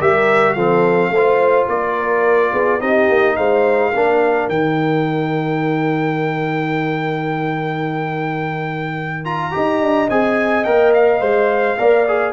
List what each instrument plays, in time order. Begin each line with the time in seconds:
0.00 tuba G3, trombone G4, horn A#4, trumpet E5
0.53 tuba F3, trombone C4, horn A4, trumpet F5
1.10 tuba A3, horn C5
1.16 trombone F4
1.69 tuba A#3, horn A#4, trumpet D5
2.52 tuba B3, horn G#4
2.80 tuba C4, trombone D#4, horn G4, trumpet D#5
3.09 tuba A#3
3.36 tuba G#3, horn C5, trumpet F5
3.91 tuba A#3, trombone D4, horn A#4
4.48 tuba D#3, trombone D#4, trumpet G5
9.25 trombone F4, trumpet A#5
9.52 tuba D#4, trombone G4, horn D#5
9.81 tuba D4
10.10 tuba C4, trombone G#4, trumpet G#5
10.64 tuba A#3, trombone A#4, trumpet G5
10.94 trumpet F5
11.20 tuba G#3, trombone C5
11.78 tuba A#3, trombone A#4, horn D5
12.08 trombone G#4